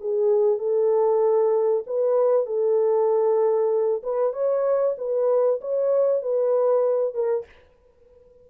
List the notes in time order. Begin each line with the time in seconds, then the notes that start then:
0.00 G#4
0.59 A4
1.86 B4
2.46 A4
4.03 B4
4.33 C#5
4.97 B4
5.61 C#5
6.22 B4
7.14 A#4